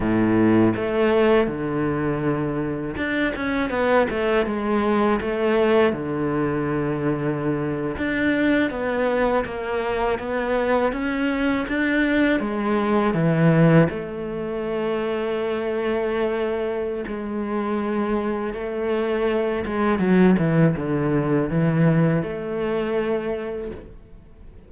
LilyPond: \new Staff \with { instrumentName = "cello" } { \time 4/4 \tempo 4 = 81 a,4 a4 d2 | d'8 cis'8 b8 a8 gis4 a4 | d2~ d8. d'4 b16~ | b8. ais4 b4 cis'4 d'16~ |
d'8. gis4 e4 a4~ a16~ | a2. gis4~ | gis4 a4. gis8 fis8 e8 | d4 e4 a2 | }